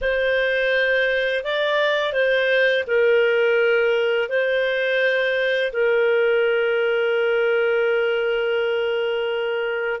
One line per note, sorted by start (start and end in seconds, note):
0.01 1.44 C5
1.44 2.12 D5
2.12 2.84 C5
2.87 4.28 A#4
4.28 5.71 C5
5.72 10.00 A#4